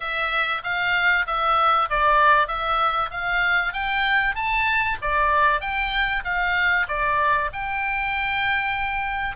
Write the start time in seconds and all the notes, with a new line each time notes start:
0.00 E5
0.63 F5
1.26 E5
1.89 D5
2.47 E5
3.10 F5
3.73 G5
4.35 A5
5.01 D5
5.61 G5
6.24 F5
6.88 D5
7.53 G5